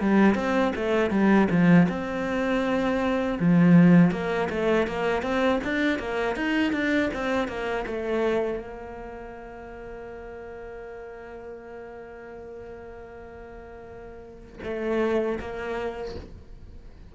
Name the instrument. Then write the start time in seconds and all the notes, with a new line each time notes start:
cello
0.00 G3
0.35 C4
0.75 A3
1.10 G3
1.50 F3
1.89 C4
3.39 F3
4.11 A#3
4.50 A3
4.87 A#3
5.22 C4
5.64 D4
5.99 A#3
6.36 D#4
6.72 D4
7.13 C4
7.48 A#3
7.86 A3
8.59 A#3
14.64 A3
15.40 A#3